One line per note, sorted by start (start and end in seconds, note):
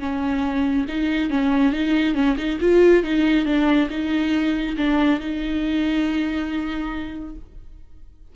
0.00 0.86 C#4
0.88 1.31 D#4
1.31 1.73 C#4
1.73 2.15 D#4
2.15 2.36 C#4
2.38 2.59 D#4
2.61 3.04 F4
3.04 3.46 D#4
3.46 3.89 D4
3.90 4.77 D#4
4.77 5.20 D4
5.20 7.36 D#4